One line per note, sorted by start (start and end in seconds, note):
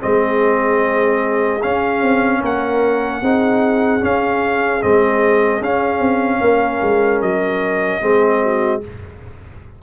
0.00 1.64 G#3
0.00 1.60 C4
0.00 2.40 G#4
0.00 1.62 D#5
1.62 3.23 C#4
1.62 2.02 C#4
1.62 2.42 F5
2.02 2.42 C4
2.40 3.21 A#3
2.40 3.20 A#4
2.40 4.04 F#5
3.21 4.01 C4
3.21 4.00 D#4
3.21 6.41 G#4
4.00 4.80 C#4
4.00 4.83 C#4
4.00 4.82 F5
4.81 5.60 G#3
4.81 5.61 C4
4.81 5.62 D#5
5.60 5.99 C#4
5.60 8.01 C#4
5.60 7.21 F5
5.99 6.39 C4
6.40 6.80 A#3
6.40 8.01 A#4
6.82 7.21 G#3
7.21 8.01 F#3
7.21 8.81 D#5
8.01 8.82 G#3
8.01 8.81 C4
8.01 8.41 G#4
8.42 8.82 F#4